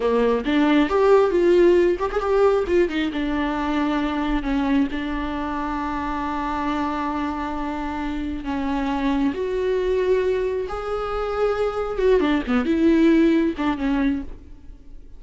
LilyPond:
\new Staff \with { instrumentName = "viola" } { \time 4/4 \tempo 4 = 135 ais4 d'4 g'4 f'4~ | f'8 g'16 gis'16 g'4 f'8 dis'8 d'4~ | d'2 cis'4 d'4~ | d'1~ |
d'2. cis'4~ | cis'4 fis'2. | gis'2. fis'8 d'8 | b8 e'2 d'8 cis'4 | }